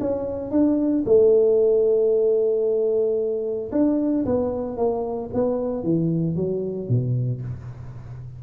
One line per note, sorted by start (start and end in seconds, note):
0.00 0.51 C#4
0.51 1.04 D4
1.05 3.71 A3
3.71 4.25 D4
4.25 4.77 B3
4.77 5.30 A#3
5.33 5.83 B3
5.83 6.35 E3
6.35 6.88 F#3
6.88 7.41 B2